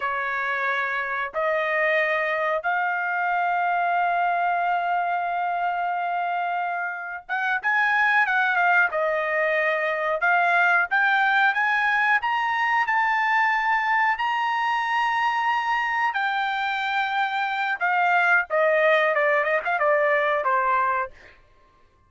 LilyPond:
\new Staff \with { instrumentName = "trumpet" } { \time 4/4 \tempo 4 = 91 cis''2 dis''2 | f''1~ | f''2. fis''8 gis''8~ | gis''8 fis''8 f''8 dis''2 f''8~ |
f''8 g''4 gis''4 ais''4 a''8~ | a''4. ais''2~ ais''8~ | ais''8 g''2~ g''8 f''4 | dis''4 d''8 dis''16 f''16 d''4 c''4 | }